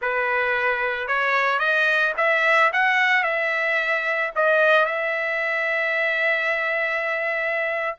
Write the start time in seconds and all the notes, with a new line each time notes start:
0.01 B4
1.07 C#5
1.59 D#5
2.17 E5
2.72 F#5
3.23 E5
4.35 D#5
4.85 E5